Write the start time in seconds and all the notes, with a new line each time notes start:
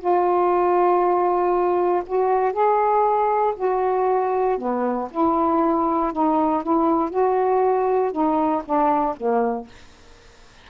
0.00 F4
2.07 F#4
2.53 G#4
3.57 F#4
4.59 B3
5.11 E4
6.13 D#4
6.63 E4
7.10 F#4
8.12 D#4
8.65 D4
9.17 A#3